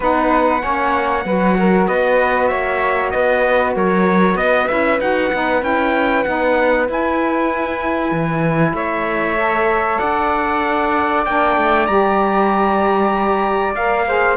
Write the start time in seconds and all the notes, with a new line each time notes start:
0.00 B3 D#4 B4 F#5
0.60 A#3 C#4 C#5
1.25 F#3 F#4 B4
1.58 A#4
1.87 B3 B4 D#5
2.47 A#3 C#5 E5
3.10 B3 B4 D#5
3.75 F#3 A#4 C#5
4.35 B3 B4 D#5
4.68 C#4 E4 E5
4.99 D#4 F#4 F#5
5.32 B3 D#4
5.62 C#4 E4 G5
6.23 B3 D#4 F#5
6.86 E4 G#5
8.11 E3
8.73 A3 C#5 E5
9.37 A4
9.99 D4 D5 F#5
11.25 A#3 D4 G5
11.56 A3
11.86 G3 G4 A#5
13.75 A#3 A#4 F5
14.06 G#4 C5